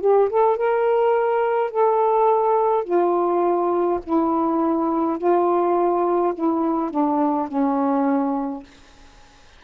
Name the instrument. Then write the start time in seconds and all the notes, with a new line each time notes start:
saxophone
0.00 G4
0.29 A4
0.57 A#4
1.70 A4
2.84 F4
4.03 E4
5.18 F4
6.34 E4
6.90 D4
7.47 C#4